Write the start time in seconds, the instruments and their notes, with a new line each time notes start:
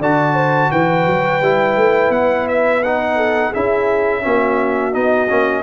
0.00 tuba D3, trombone F#4, horn D5, trumpet A5
0.34 horn C5
0.71 tuba E3, horn B4, trumpet G5
1.07 tuba F#3
1.41 tuba G3, trombone E4
1.77 tuba A3
2.10 tuba B3, trumpet F#5
2.48 trumpet E5
2.83 trombone D#4, trumpet F#5
3.16 horn A4
3.50 tuba C#4, trombone E4, horn G#4, trumpet E5
4.22 tuba A#3, trombone C#4, horn F#4
4.92 tuba B3, trombone D#4, trumpet D#5
5.30 tuba A#3, trombone C#4